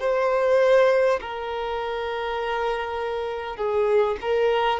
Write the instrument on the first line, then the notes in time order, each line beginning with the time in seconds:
violin
0.00 C5
1.21 A#4
3.57 G#4
4.21 A#4